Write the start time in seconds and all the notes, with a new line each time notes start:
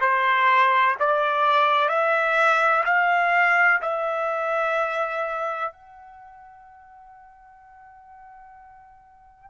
0.00 C5
1.00 D5
1.89 E5
2.85 F5
3.81 E5
5.71 F#5